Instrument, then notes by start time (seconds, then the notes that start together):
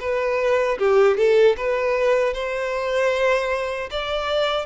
violin
0.00 B4
0.78 G4
1.17 A4
1.57 B4
2.34 C5
3.91 D5